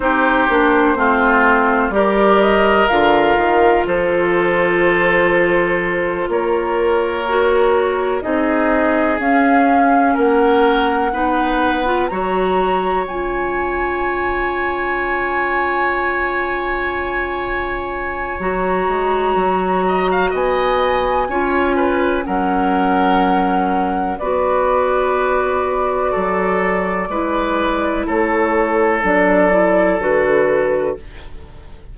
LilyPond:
<<
  \new Staff \with { instrumentName = "flute" } { \time 4/4 \tempo 4 = 62 c''2 d''8 dis''8 f''4 | c''2~ c''8 cis''4.~ | cis''8 dis''4 f''4 fis''4.~ | fis''8 ais''4 gis''2~ gis''8~ |
gis''2. ais''4~ | ais''4 gis''2 fis''4~ | fis''4 d''2.~ | d''4 cis''4 d''4 b'4 | }
  \new Staff \with { instrumentName = "oboe" } { \time 4/4 g'4 f'4 ais'2 | a'2~ a'8 ais'4.~ | ais'8 gis'2 ais'4 b'8~ | b'8 cis''2.~ cis''8~ |
cis''1~ | cis''8 dis''16 f''16 dis''4 cis''8 b'8 ais'4~ | ais'4 b'2 a'4 | b'4 a'2. | }
  \new Staff \with { instrumentName = "clarinet" } { \time 4/4 dis'8 d'8 c'4 g'4 f'4~ | f'2.~ f'8 fis'8~ | fis'8 dis'4 cis'2 dis'8~ | dis'16 f'16 fis'4 f'2~ f'8~ |
f'2. fis'4~ | fis'2 f'4 cis'4~ | cis'4 fis'2. | e'2 d'8 e'8 fis'4 | }
  \new Staff \with { instrumentName = "bassoon" } { \time 4/4 c'8 ais8 a4 g4 d8 dis8 | f2~ f8 ais4.~ | ais8 c'4 cis'4 ais4 b8~ | b8 fis4 cis'2~ cis'8~ |
cis'2. fis8 gis8 | fis4 b4 cis'4 fis4~ | fis4 b2 fis4 | gis4 a4 fis4 d4 | }
>>